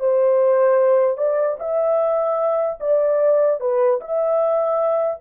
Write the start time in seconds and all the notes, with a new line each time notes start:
0.00 C5
1.17 D5
1.60 E5
2.80 D5
3.60 B4
4.01 E5